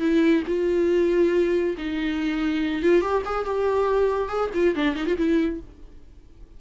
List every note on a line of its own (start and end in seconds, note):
0.00 0.43 E4
0.47 1.76 F4
1.77 2.82 D#4
2.82 3.01 F4
3.01 3.22 G4
3.25 3.45 G#4
3.45 4.29 G4
4.29 4.50 G#4
4.54 4.75 F4
4.75 4.95 D4
4.95 5.06 D#4
5.06 5.17 F4
5.17 5.60 E4